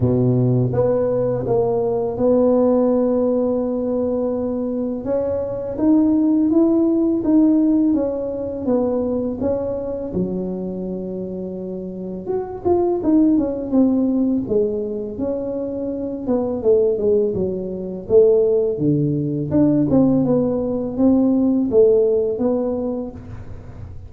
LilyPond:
\new Staff \with { instrumentName = "tuba" } { \time 4/4 \tempo 4 = 83 b,4 b4 ais4 b4~ | b2. cis'4 | dis'4 e'4 dis'4 cis'4 | b4 cis'4 fis2~ |
fis4 fis'8 f'8 dis'8 cis'8 c'4 | gis4 cis'4. b8 a8 gis8 | fis4 a4 d4 d'8 c'8 | b4 c'4 a4 b4 | }